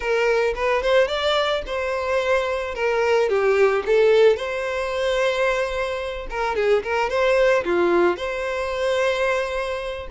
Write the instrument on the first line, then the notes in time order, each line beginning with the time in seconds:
violin
0.00 A#4
0.55 B4
0.82 C5
1.07 D5
1.66 C5
2.74 A#4
3.29 G4
3.86 A4
4.36 C5
6.30 A#4
6.55 G#4
6.83 A#4
7.09 C5
7.64 F4
8.16 C5